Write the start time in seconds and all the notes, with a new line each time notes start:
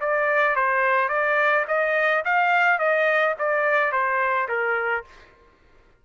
0.00 D5
0.55 C5
1.09 D5
1.67 D#5
2.24 F5
2.79 D#5
3.38 D5
3.92 C5
4.48 A#4